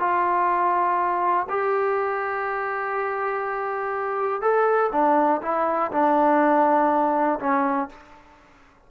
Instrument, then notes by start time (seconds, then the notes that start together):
trombone
0.00 F4
1.50 G4
4.42 A4
4.92 D4
5.42 E4
5.92 D4
7.40 C#4